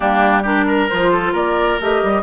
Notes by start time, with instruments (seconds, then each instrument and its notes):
0.00 bassoon G3, clarinet A#3, oboe D4, flute G4
0.42 clarinet D4, oboe G4, flute A#4
0.67 oboe A#4
0.89 bassoon F3, clarinet F4, flute C5
1.12 oboe A4
1.32 bassoon A#3, oboe A#4, flute D5
1.80 bassoon A3, clarinet G4, flute D#5
2.03 bassoon G3